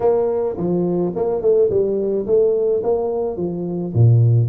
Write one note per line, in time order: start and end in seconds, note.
0.00 0.56 A#3
0.57 1.13 F3
1.15 1.41 A#3
1.41 1.69 A3
1.69 2.26 G3
2.26 2.82 A3
2.83 3.36 A#3
3.36 3.93 F3
3.94 4.48 A#2